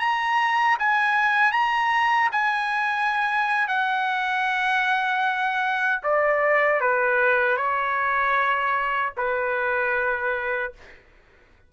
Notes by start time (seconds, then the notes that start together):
0.00 A#5
0.79 G#5
1.52 A#5
2.32 G#5
3.68 F#5
6.04 D5
6.81 B4
7.58 C#5
9.17 B4